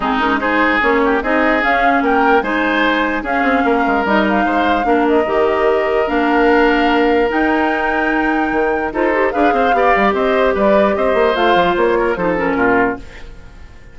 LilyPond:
<<
  \new Staff \with { instrumentName = "flute" } { \time 4/4 \tempo 4 = 148 gis'8 ais'8 c''4 cis''4 dis''4 | f''4 g''4 gis''2 | f''2 dis''8 f''4.~ | f''8 dis''2~ dis''8 f''4~ |
f''2 g''2~ | g''2 c''4 f''4~ | f''4 dis''4 d''4 dis''4 | f''4 cis''4 c''8 ais'4. | }
  \new Staff \with { instrumentName = "oboe" } { \time 4/4 dis'4 gis'4. g'8 gis'4~ | gis'4 ais'4 c''2 | gis'4 ais'2 c''4 | ais'1~ |
ais'1~ | ais'2 a'4 b'8 c''8 | d''4 c''4 b'4 c''4~ | c''4. ais'8 a'4 f'4 | }
  \new Staff \with { instrumentName = "clarinet" } { \time 4/4 c'8 cis'8 dis'4 cis'4 dis'4 | cis'2 dis'2 | cis'2 dis'2 | d'4 g'2 d'4~ |
d'2 dis'2~ | dis'2 f'8 g'8 gis'4 | g'1 | f'2 dis'8 cis'4. | }
  \new Staff \with { instrumentName = "bassoon" } { \time 4/4 gis2 ais4 c'4 | cis'4 ais4 gis2 | cis'8 c'8 ais8 gis8 g4 gis4 | ais4 dis2 ais4~ |
ais2 dis'2~ | dis'4 dis4 dis'4 d'8 c'8 | b8 g8 c'4 g4 c'8 ais8 | a8 f8 ais4 f4 ais,4 | }
>>